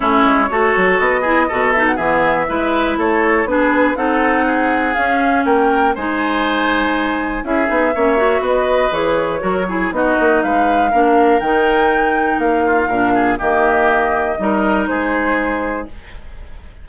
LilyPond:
<<
  \new Staff \with { instrumentName = "flute" } { \time 4/4 \tempo 4 = 121 cis''2 dis''4. e''16 fis''16 | e''2 cis''4 b'4 | fis''2 f''4 g''4 | gis''2. e''4~ |
e''4 dis''4 cis''2 | dis''4 f''2 g''4~ | g''4 f''2 dis''4~ | dis''2 c''2 | }
  \new Staff \with { instrumentName = "oboe" } { \time 4/4 e'4 a'4. gis'8 a'4 | gis'4 b'4 a'4 gis'4 | a'4 gis'2 ais'4 | c''2. gis'4 |
cis''4 b'2 ais'8 gis'8 | fis'4 b'4 ais'2~ | ais'4. f'8 ais'8 gis'8 g'4~ | g'4 ais'4 gis'2 | }
  \new Staff \with { instrumentName = "clarinet" } { \time 4/4 cis'4 fis'4. e'8 fis'8 dis'8 | b4 e'2 d'4 | dis'2 cis'2 | dis'2. e'8 dis'8 |
cis'8 fis'4. gis'4 fis'8 e'8 | dis'2 d'4 dis'4~ | dis'2 d'4 ais4~ | ais4 dis'2. | }
  \new Staff \with { instrumentName = "bassoon" } { \time 4/4 a8 gis8 a8 fis8 b4 b,4 | e4 gis4 a4 b4 | c'2 cis'4 ais4 | gis2. cis'8 b8 |
ais4 b4 e4 fis4 | b8 ais8 gis4 ais4 dis4~ | dis4 ais4 ais,4 dis4~ | dis4 g4 gis2 | }
>>